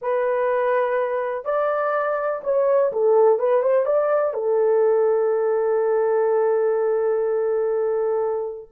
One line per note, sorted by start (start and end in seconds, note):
0.01 1.45 B4
1.45 2.41 D5
2.43 2.91 C#5
2.92 3.38 A4
3.38 3.62 B4
3.62 3.85 C5
3.85 4.33 D5
4.33 8.69 A4